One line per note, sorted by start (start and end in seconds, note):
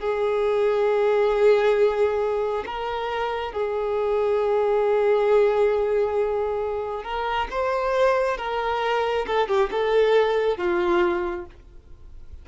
0.00 2.65 G#4
2.66 3.53 A#4
3.53 7.04 G#4
7.04 7.48 A#4
7.51 8.38 C5
8.38 9.26 A#4
9.27 9.48 A4
9.48 9.70 G4
9.71 10.58 A4
10.58 11.46 F4